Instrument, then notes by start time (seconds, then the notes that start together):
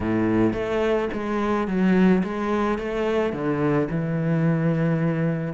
cello
0.00 A2
0.53 A3
1.13 G#3
1.67 F#3
2.23 G#3
2.78 A3
3.32 D3
3.90 E3